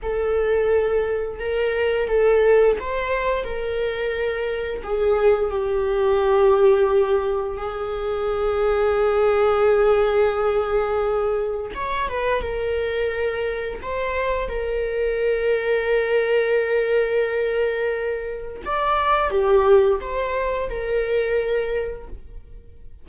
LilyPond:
\new Staff \with { instrumentName = "viola" } { \time 4/4 \tempo 4 = 87 a'2 ais'4 a'4 | c''4 ais'2 gis'4 | g'2. gis'4~ | gis'1~ |
gis'4 cis''8 b'8 ais'2 | c''4 ais'2.~ | ais'2. d''4 | g'4 c''4 ais'2 | }